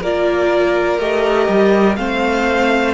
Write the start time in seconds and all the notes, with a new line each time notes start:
0.00 A#3 F4 A#4 D5
0.98 A3 G4 D#5
1.48 G3
1.96 A3 C4 C5 F5